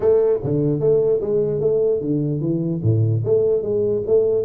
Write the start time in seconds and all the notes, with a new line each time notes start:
0.00 A3
0.43 D3
0.80 A3
1.20 G#3
1.60 A3
2.00 D3
2.40 E3
2.82 A2
3.24 A3
3.62 G#3
4.06 A3